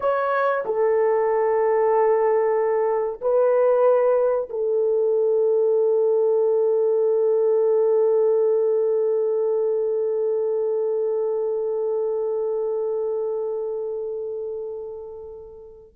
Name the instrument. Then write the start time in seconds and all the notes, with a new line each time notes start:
horn
0.00 C#5
0.65 A4
3.21 B4
4.49 A4